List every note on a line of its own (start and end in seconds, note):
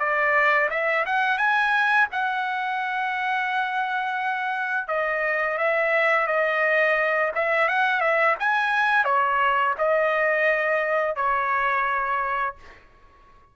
0.00 0.70 D5
0.71 1.06 E5
1.07 1.38 F#5
1.38 2.08 G#5
2.12 4.88 F#5
4.88 5.58 D#5
5.58 6.28 E5
6.28 7.32 D#5
7.35 7.69 E5
7.69 8.01 F#5
8.01 8.36 E5
8.40 9.05 G#5
9.05 9.75 C#5
9.79 11.16 D#5
11.16 12.56 C#5